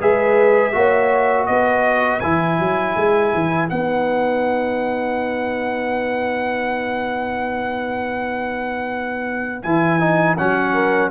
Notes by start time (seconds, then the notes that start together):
0.00 G#3 G#4 B4 E5
0.73 A#3 F#4 C#5
1.46 B3 B4 D#5
2.20 E3 E4 G#5
2.59 F#3
2.96 G#3
3.34 E3
3.69 B3 D#4 F#5
9.62 E3 E4 G#5
9.99 D#4
10.37 F#3 C#4 F#5
10.73 A#4